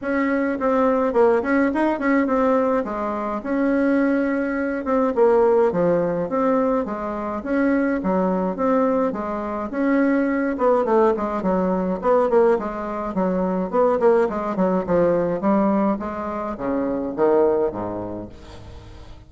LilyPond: \new Staff \with { instrumentName = "bassoon" } { \time 4/4 \tempo 4 = 105 cis'4 c'4 ais8 cis'8 dis'8 cis'8 | c'4 gis4 cis'2~ | cis'8 c'8 ais4 f4 c'4 | gis4 cis'4 fis4 c'4 |
gis4 cis'4. b8 a8 gis8 | fis4 b8 ais8 gis4 fis4 | b8 ais8 gis8 fis8 f4 g4 | gis4 cis4 dis4 gis,4 | }